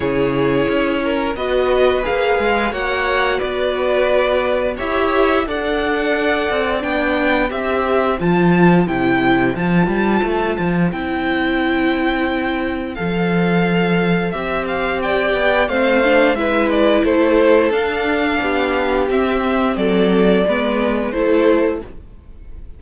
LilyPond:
<<
  \new Staff \with { instrumentName = "violin" } { \time 4/4 \tempo 4 = 88 cis''2 dis''4 f''4 | fis''4 d''2 e''4 | fis''2 g''4 e''4 | a''4 g''4 a''2 |
g''2. f''4~ | f''4 e''8 f''8 g''4 f''4 | e''8 d''8 c''4 f''2 | e''4 d''2 c''4 | }
  \new Staff \with { instrumentName = "violin" } { \time 4/4 gis'4. ais'8 b'2 | cis''4 b'2 cis''4 | d''2. c''4~ | c''1~ |
c''1~ | c''2 d''4 c''4 | b'4 a'2 g'4~ | g'4 a'4 b'4 a'4 | }
  \new Staff \with { instrumentName = "viola" } { \time 4/4 e'2 fis'4 gis'4 | fis'2. g'4 | a'2 d'4 g'4 | f'4 e'4 f'2 |
e'2. a'4~ | a'4 g'2 c'8 d'8 | e'2 d'2 | c'2 b4 e'4 | }
  \new Staff \with { instrumentName = "cello" } { \time 4/4 cis4 cis'4 b4 ais8 gis8 | ais4 b2 e'4 | d'4. c'8 b4 c'4 | f4 c4 f8 g8 a8 f8 |
c'2. f4~ | f4 c'4. b8 a4 | gis4 a4 d'4 b4 | c'4 fis4 gis4 a4 | }
>>